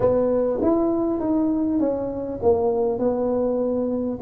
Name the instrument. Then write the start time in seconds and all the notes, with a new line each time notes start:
tuba
0.00 B3
0.62 E4
1.20 D#4
1.79 C#4
2.42 A#3
2.98 B3